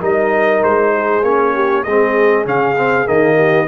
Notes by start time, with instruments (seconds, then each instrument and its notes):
0.00 tuba G3, trombone D#4, horn A#4, trumpet D#5
0.63 tuba G#3, trumpet C5
0.94 horn G#4
1.22 tuba A#3, trombone C#4, trumpet C#5
1.54 horn G4
1.83 tuba G#3, horn G#4, trumpet D#5
1.89 trombone C4
2.44 tuba C#3, trombone C#4, trumpet F5
2.76 trombone C4
3.05 tuba D#3, trombone A#3, trumpet D#5
3.36 horn G4